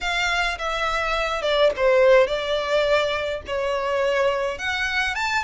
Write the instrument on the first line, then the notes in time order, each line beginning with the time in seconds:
violin
0.01 F5
0.58 E5
1.42 D5
1.76 C5
2.27 D5
3.46 C#5
4.58 F#5
5.15 A5